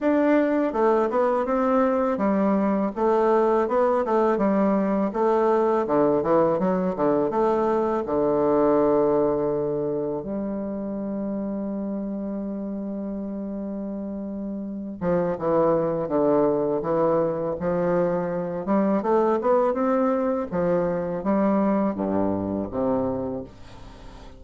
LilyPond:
\new Staff \with { instrumentName = "bassoon" } { \time 4/4 \tempo 4 = 82 d'4 a8 b8 c'4 g4 | a4 b8 a8 g4 a4 | d8 e8 fis8 d8 a4 d4~ | d2 g2~ |
g1~ | g8 f8 e4 d4 e4 | f4. g8 a8 b8 c'4 | f4 g4 g,4 c4 | }